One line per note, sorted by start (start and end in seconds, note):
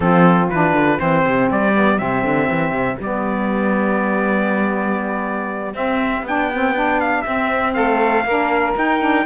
0.00 0.50 F3
0.00 0.50 C4
0.00 1.01 F4
0.00 0.49 A4
0.49 0.73 E3
0.49 0.98 D4
0.49 0.99 B4
0.73 0.98 D3
0.98 1.25 E3
0.98 1.73 C4
0.98 7.74 G4
0.98 1.49 C5
1.25 1.50 C3
1.51 2.00 G3
1.51 1.98 D5
1.73 1.98 B3
1.98 2.23 C3
1.98 2.98 C4
1.98 2.98 E5
2.23 2.48 D3
2.49 2.71 E3
2.71 2.96 C3
3.00 5.74 G3
3.00 5.74 B3
3.00 5.75 D5
5.74 6.24 C4
5.74 6.22 C4
5.74 6.25 E5
6.22 7.22 B3
6.22 6.51 D4
6.22 7.00 G5
6.53 6.74 C4
6.74 7.24 D4
7.00 7.21 F5
7.21 8.25 C4
7.21 7.76 C4
7.21 7.71 E5
7.74 8.24 A3
7.74 8.24 A4
7.74 8.74 F5
8.24 8.74 A#3
8.24 8.75 D4
8.24 9.25 A#4
8.75 9.00 D#4
8.75 9.25 D#4
8.75 9.25 G5
9.00 9.25 D4